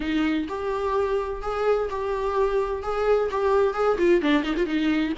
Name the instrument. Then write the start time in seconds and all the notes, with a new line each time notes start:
viola
0.00 D#4
0.48 G4
1.42 G#4
1.90 G4
2.83 G#4
3.30 G4
3.74 G#4
3.98 F4
4.21 D4
4.43 D#4
4.56 F4
4.66 D#4